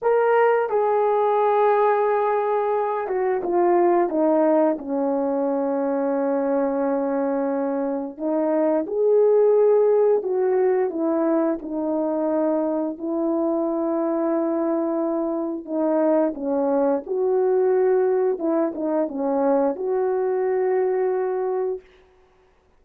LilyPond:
\new Staff \with { instrumentName = "horn" } { \time 4/4 \tempo 4 = 88 ais'4 gis'2.~ | gis'8 fis'8 f'4 dis'4 cis'4~ | cis'1 | dis'4 gis'2 fis'4 |
e'4 dis'2 e'4~ | e'2. dis'4 | cis'4 fis'2 e'8 dis'8 | cis'4 fis'2. | }